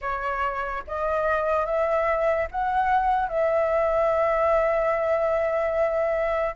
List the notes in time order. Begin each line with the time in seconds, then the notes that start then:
0.01 C#5
0.87 D#5
1.65 E5
2.51 F#5
3.28 E5